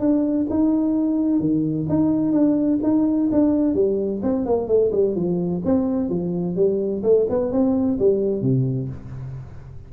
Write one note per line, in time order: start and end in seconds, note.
0.00 0.47 D4
0.50 1.40 D#4
1.40 1.87 D#3
1.89 2.32 D#4
2.32 2.79 D4
2.83 3.30 D#4
3.32 3.75 D4
3.75 4.21 G3
4.23 4.46 C4
4.46 4.68 A#3
4.68 4.91 A3
4.92 5.15 G3
5.15 5.62 F3
5.65 6.10 C4
6.10 6.56 F3
6.56 7.03 G3
7.03 7.27 A3
7.30 7.52 B3
7.52 7.99 C4
7.99 8.42 G3
8.42 8.89 C3